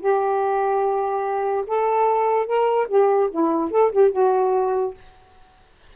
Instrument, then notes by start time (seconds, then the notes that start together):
saxophone
0.00 G4
1.67 A4
2.46 A#4
2.89 G4
3.31 E4
3.71 A4
3.92 G4
4.12 F#4